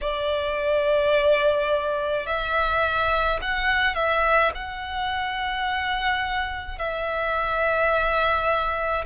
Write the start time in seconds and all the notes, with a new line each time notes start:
0.01 D5
2.26 E5
3.41 F#5
3.95 E5
4.54 F#5
6.78 E5